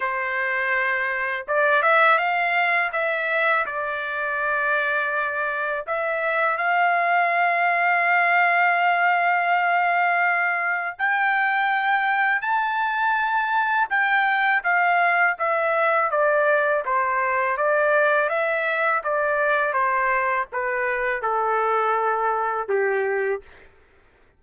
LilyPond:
\new Staff \with { instrumentName = "trumpet" } { \time 4/4 \tempo 4 = 82 c''2 d''8 e''8 f''4 | e''4 d''2. | e''4 f''2.~ | f''2. g''4~ |
g''4 a''2 g''4 | f''4 e''4 d''4 c''4 | d''4 e''4 d''4 c''4 | b'4 a'2 g'4 | }